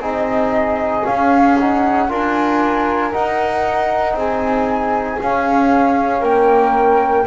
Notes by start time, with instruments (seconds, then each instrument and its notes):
0.00 double bass C4, trombone D#4, flute G#4 D#5
1.03 trombone C#4, flute F5
1.09 double bass C#4
1.59 trombone D#4, flute F#5
2.09 double bass D4, trombone F4, flute A#4 G#5
3.12 trombone D#4, double bass D#4, flute F#5
4.14 double bass C4, flute G#4 G#5
5.20 trombone C#4, double bass C#4, flute F5
6.20 double bass A#3, flute A#4 G5